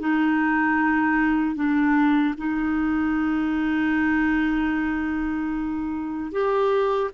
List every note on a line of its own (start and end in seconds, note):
0.00 1.56 D#4
1.56 2.35 D4
2.38 6.32 D#4
6.32 7.11 G4